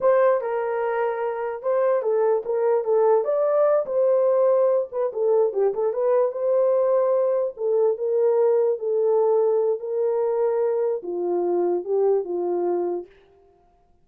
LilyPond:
\new Staff \with { instrumentName = "horn" } { \time 4/4 \tempo 4 = 147 c''4 ais'2. | c''4 a'4 ais'4 a'4 | d''4. c''2~ c''8 | b'8 a'4 g'8 a'8 b'4 c''8~ |
c''2~ c''8 a'4 ais'8~ | ais'4. a'2~ a'8 | ais'2. f'4~ | f'4 g'4 f'2 | }